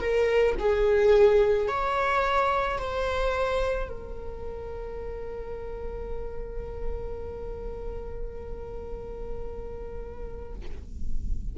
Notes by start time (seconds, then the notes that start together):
0.00 A#4
0.59 G#4
1.68 C#5
2.78 C5
3.89 A#4